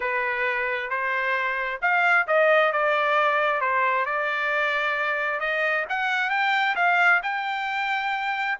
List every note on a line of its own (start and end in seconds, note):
0.00 0.89 B4
0.89 1.80 C5
1.81 2.27 F5
2.27 2.72 D#5
2.72 3.60 D5
3.60 4.05 C5
4.05 5.40 D5
5.40 5.85 D#5
5.89 6.30 F#5
6.30 6.75 G5
6.75 7.20 F5
7.22 8.58 G5